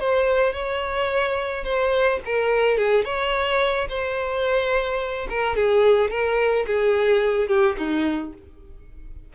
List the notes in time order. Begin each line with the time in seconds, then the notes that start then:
0.00 C5
0.53 C#5
1.64 C5
2.26 A#4
2.78 G#4
3.05 C#5
3.89 C5
5.29 A#4
5.56 G#4
6.11 A#4
6.67 G#4
7.48 G4
7.78 D#4